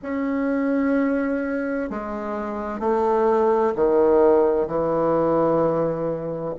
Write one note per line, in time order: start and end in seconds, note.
0.02 1.90 C#4
1.90 2.79 G#3
2.79 3.73 A3
3.75 4.67 D#3
4.67 6.54 E3